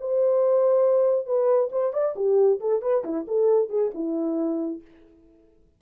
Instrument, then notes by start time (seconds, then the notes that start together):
horn
0.00 C5
1.26 B4
1.72 C5
1.93 D5
2.16 G4
2.60 A4
2.82 B4
3.04 E4
3.27 A4
3.69 G#4
3.94 E4